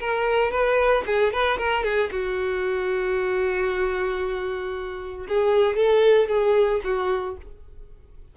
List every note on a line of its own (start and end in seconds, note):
0.00 0.51 A#4
0.51 1.04 B4
1.06 1.33 G#4
1.33 1.58 B4
1.58 1.84 A#4
1.84 2.10 G#4
2.11 5.27 F#4
5.28 5.77 G#4
5.77 6.28 A4
6.28 6.81 G#4
6.84 7.37 F#4